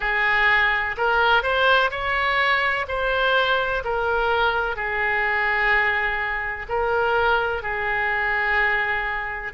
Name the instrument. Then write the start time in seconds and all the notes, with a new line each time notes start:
oboe
0.00 G#4
0.97 A#4
1.42 C5
1.90 C#5
2.87 C5
3.84 A#4
4.76 G#4
6.68 A#4
7.62 G#4